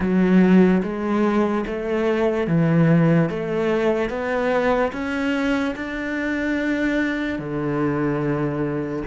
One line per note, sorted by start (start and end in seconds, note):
0.00 0.82 F#3
0.82 1.64 G#3
1.66 2.47 A3
2.47 3.29 E3
3.29 4.09 A3
4.09 4.91 B3
4.92 5.74 C#4
5.75 7.38 D4
7.38 9.03 D3